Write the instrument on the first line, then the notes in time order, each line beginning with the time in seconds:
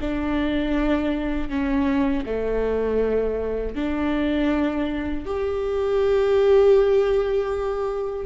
viola
0.00 D4
1.49 C#4
2.25 A3
3.75 D4
5.25 G4